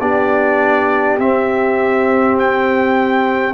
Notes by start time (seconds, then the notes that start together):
0.00 B3 D4 G4 D5
1.18 C4 E5
2.38 G5